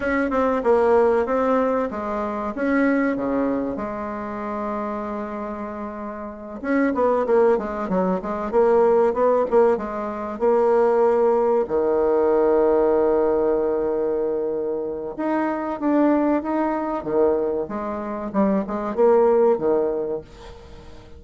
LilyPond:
\new Staff \with { instrumentName = "bassoon" } { \time 4/4 \tempo 4 = 95 cis'8 c'8 ais4 c'4 gis4 | cis'4 cis4 gis2~ | gis2~ gis8 cis'8 b8 ais8 | gis8 fis8 gis8 ais4 b8 ais8 gis8~ |
gis8 ais2 dis4.~ | dis1 | dis'4 d'4 dis'4 dis4 | gis4 g8 gis8 ais4 dis4 | }